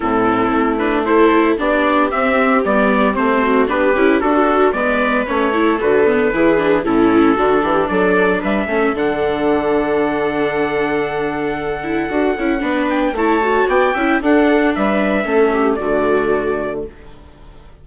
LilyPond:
<<
  \new Staff \with { instrumentName = "trumpet" } { \time 4/4 \tempo 4 = 114 a'4. b'8 c''4 d''4 | e''4 d''4 c''4 b'4 | a'4 d''4 cis''4 b'4~ | b'4 a'2 d''4 |
e''4 fis''2.~ | fis''1~ | fis''8 g''8 a''4 g''4 fis''4 | e''2 d''2 | }
  \new Staff \with { instrumentName = "viola" } { \time 4/4 e'2 a'4 g'4~ | g'2~ g'8 fis'8 g'4 | fis'4 b'4. a'4. | gis'4 e'4 fis'8 g'8 a'4 |
b'8 a'2.~ a'8~ | a'1 | b'4 cis''4 d''8 e''8 a'4 | b'4 a'8 g'8 fis'2 | }
  \new Staff \with { instrumentName = "viola" } { \time 4/4 c'4. d'8 e'4 d'4 | c'4 b4 c'4 d'8 e'8 | fis'4 b4 cis'8 e'8 fis'8 b8 | e'8 d'8 cis'4 d'2~ |
d'8 cis'8 d'2.~ | d'2~ d'8 e'8 fis'8 e'8 | d'4 e'8 fis'4 e'8 d'4~ | d'4 cis'4 a2 | }
  \new Staff \with { instrumentName = "bassoon" } { \time 4/4 a,4 a2 b4 | c'4 g4 a4 b8 cis'8 | d'4 gis4 a4 d4 | e4 a,4 d8 e8 fis4 |
g8 a8 d2.~ | d2. d'8 cis'8 | b4 a4 b8 cis'8 d'4 | g4 a4 d2 | }
>>